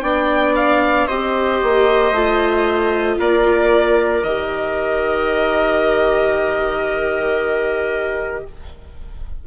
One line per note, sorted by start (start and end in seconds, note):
0.00 1.07 B3
0.00 1.09 D4
0.00 1.07 D5
0.00 0.53 G5
0.56 1.07 F5
1.07 1.62 C4
1.07 2.14 G4
1.07 3.18 C5
1.07 3.17 D#5
1.62 2.12 A#3
2.12 3.17 A3
2.12 4.24 F4
3.19 4.23 A#3
3.19 8.45 A#4
3.19 4.23 D5
4.23 8.44 D#3
4.23 8.47 G4
4.23 8.45 D#5